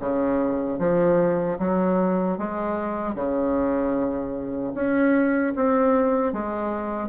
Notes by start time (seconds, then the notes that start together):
0.00 C#3
0.79 F3
1.59 F#3
2.38 G#3
3.15 C#3
4.75 C#4
5.56 C4
6.33 G#3